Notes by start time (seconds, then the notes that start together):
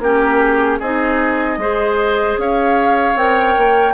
0.00 A#3 C#4 G4 A#4
0.40 G#4
0.79 C4 D#4 G#4 D#5
1.58 G#3 G#4 C5
2.38 C#4 C#5 F5
3.16 C4 A#4 G5
3.58 A#3